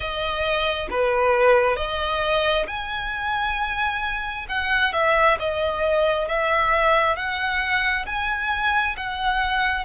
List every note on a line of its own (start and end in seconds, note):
0.00 0.88 D#5
0.90 1.76 B4
1.76 2.65 D#5
2.67 4.46 G#5
4.48 4.93 F#5
4.93 5.37 E5
5.39 6.28 D#5
6.28 7.16 E5
7.16 8.05 F#5
8.06 8.95 G#5
8.96 9.85 F#5